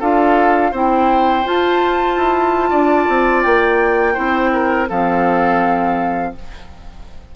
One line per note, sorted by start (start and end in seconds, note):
0.00 0.73 D4
0.00 0.73 F4
0.00 0.71 A4
0.00 0.74 F5
0.71 1.45 C4
0.71 1.44 E4
0.71 2.70 C5
0.71 1.48 G5
1.44 4.15 F4
1.44 2.17 F4
1.44 3.43 A5
2.17 2.71 E4
2.70 3.08 D4
2.70 4.14 D5
3.09 3.45 C4
3.43 4.17 A#3
3.43 4.87 G5
4.14 4.90 C4
4.14 4.87 E4
4.14 4.50 C5
4.53 4.89 A#4
4.89 6.35 F3
4.89 6.36 C4
4.89 6.33 A4
4.89 6.35 F5